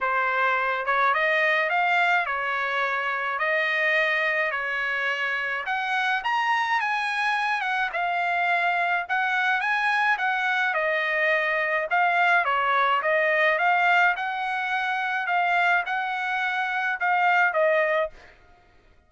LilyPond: \new Staff \with { instrumentName = "trumpet" } { \time 4/4 \tempo 4 = 106 c''4. cis''8 dis''4 f''4 | cis''2 dis''2 | cis''2 fis''4 ais''4 | gis''4. fis''8 f''2 |
fis''4 gis''4 fis''4 dis''4~ | dis''4 f''4 cis''4 dis''4 | f''4 fis''2 f''4 | fis''2 f''4 dis''4 | }